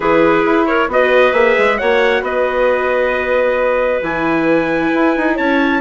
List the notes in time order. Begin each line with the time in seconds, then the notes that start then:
0.00 E3 E4 G#4 B4
0.44 E4
0.66 A#4 C#5
0.88 B3 F#4 B4 D#5
1.33 A#3 G#4 E5
1.58 G#3
1.78 A#3 F#4 C#5 F#5
2.21 B3 B4 D#5
4.02 E3 E4 G#5
4.94 E4
5.17 D#4
5.35 C#4 C#5 A5